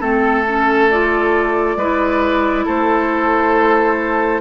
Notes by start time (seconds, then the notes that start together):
0.00 A3 C4 A4
0.47 C#4
0.90 F4 D5
1.76 G#3 E4 B4
2.65 A3 A4 C5